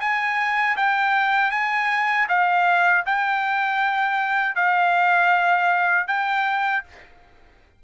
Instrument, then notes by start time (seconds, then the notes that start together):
trumpet
0.00 G#5
0.76 G5
1.51 G#5
2.29 F5
3.06 G5
4.55 F5
6.07 G5